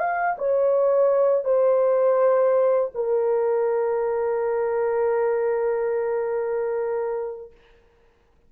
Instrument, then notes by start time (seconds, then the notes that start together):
horn
0.00 F5
0.38 C#5
1.45 C5
2.94 A#4